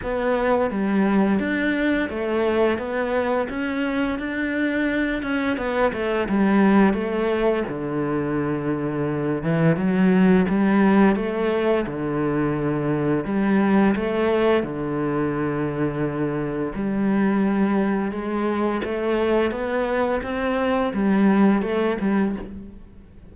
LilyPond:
\new Staff \with { instrumentName = "cello" } { \time 4/4 \tempo 4 = 86 b4 g4 d'4 a4 | b4 cis'4 d'4. cis'8 | b8 a8 g4 a4 d4~ | d4. e8 fis4 g4 |
a4 d2 g4 | a4 d2. | g2 gis4 a4 | b4 c'4 g4 a8 g8 | }